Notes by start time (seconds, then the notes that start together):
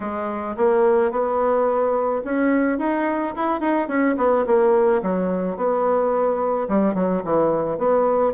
0.00 G#3
0.56 A#3
1.11 B3
2.24 C#4
2.78 D#4
3.36 E4
3.60 D#4
3.88 C#4
4.17 B3
4.46 A#3
5.02 F#3
5.56 B3
6.68 G3
6.94 F#3
7.24 E3
7.78 B3